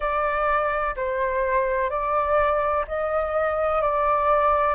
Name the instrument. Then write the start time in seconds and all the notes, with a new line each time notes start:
flute
0.00 D5
0.95 C5
1.90 D5
2.87 D#5
3.81 D5